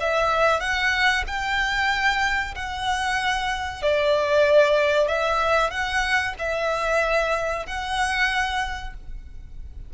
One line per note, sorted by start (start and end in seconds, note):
0.00 0.60 E5
0.60 1.24 F#5
1.27 2.54 G5
2.55 3.82 F#5
3.82 5.07 D5
5.07 5.70 E5
5.70 6.34 F#5
6.39 7.66 E5
7.66 8.94 F#5